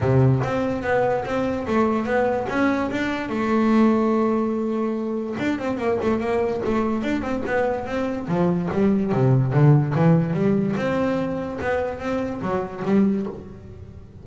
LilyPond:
\new Staff \with { instrumentName = "double bass" } { \time 4/4 \tempo 4 = 145 c4 c'4 b4 c'4 | a4 b4 cis'4 d'4 | a1~ | a4 d'8 c'8 ais8 a8 ais4 |
a4 d'8 c'8 b4 c'4 | f4 g4 c4 d4 | e4 g4 c'2 | b4 c'4 fis4 g4 | }